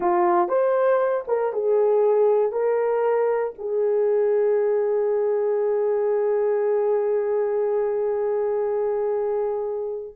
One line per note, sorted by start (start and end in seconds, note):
0.00 0.48 F4
0.48 1.24 C5
1.27 1.53 A#4
1.53 2.51 G#4
2.51 3.53 A#4
3.58 10.15 G#4